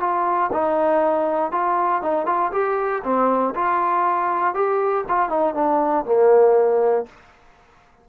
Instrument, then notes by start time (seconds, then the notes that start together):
trombone
0.00 F4
0.53 D#4
1.51 F4
2.02 D#4
2.26 F4
2.52 G4
3.03 C4
3.55 F4
4.54 G4
5.08 F4
5.29 D#4
5.55 D4
6.05 A#3